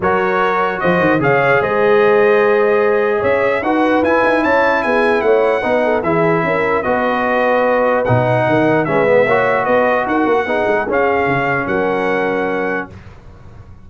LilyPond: <<
  \new Staff \with { instrumentName = "trumpet" } { \time 4/4 \tempo 4 = 149 cis''2 dis''4 f''4 | dis''1 | e''4 fis''4 gis''4 a''4 | gis''4 fis''2 e''4~ |
e''4 dis''2. | fis''2 e''2 | dis''4 fis''2 f''4~ | f''4 fis''2. | }
  \new Staff \with { instrumentName = "horn" } { \time 4/4 ais'2 c''4 cis''4 | c''1 | cis''4 b'2 cis''4 | gis'4 cis''4 b'8 a'8 gis'4 |
ais'4 b'2.~ | b'4 ais'4 b'4 cis''4 | b'4 ais'4 gis'2~ | gis'4 ais'2. | }
  \new Staff \with { instrumentName = "trombone" } { \time 4/4 fis'2. gis'4~ | gis'1~ | gis'4 fis'4 e'2~ | e'2 dis'4 e'4~ |
e'4 fis'2. | dis'2 cis'8 b8 fis'4~ | fis'2 dis'4 cis'4~ | cis'1 | }
  \new Staff \with { instrumentName = "tuba" } { \time 4/4 fis2 f8 dis8 cis4 | gis1 | cis'4 dis'4 e'8 dis'8 cis'4 | b4 a4 b4 e4 |
cis'4 b2. | b,4 dis4 gis4 ais4 | b4 dis'8 ais8 b8 gis8 cis'4 | cis4 fis2. | }
>>